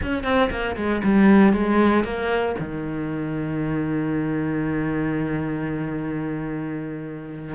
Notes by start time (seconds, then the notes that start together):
0.02 C#4
0.23 C4
0.50 A#3
0.76 G#3
1.03 G3
1.53 G#3
2.04 A#3
2.59 D#3